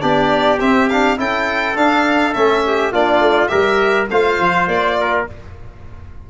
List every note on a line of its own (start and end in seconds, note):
0.00 0.61 B3
0.00 0.58 D4
0.00 1.19 G4
0.00 0.59 D5
0.60 0.89 C4
0.60 1.19 C4
0.60 0.89 E5
0.89 1.17 D4
0.89 1.18 F5
1.17 1.76 C#4
1.17 1.75 E4
1.17 2.65 A4
1.17 1.77 G5
1.76 2.34 D4
1.76 2.35 D4
1.76 2.34 F5
2.34 2.93 A3
2.34 2.93 C#4
2.34 2.92 E5
2.67 2.92 G4
2.92 3.20 A#3
2.92 3.48 D4
2.92 3.50 F4
2.92 3.48 D5
3.20 3.49 A3
3.48 4.09 G3
3.48 4.07 G4
3.48 4.09 A#4
3.48 4.06 E5
4.10 4.40 A3
4.10 5.27 F4
4.10 4.98 C5
4.10 4.68 F5
4.40 4.67 F3
4.67 5.25 A#3
4.67 5.26 D5
5.01 5.30 A#4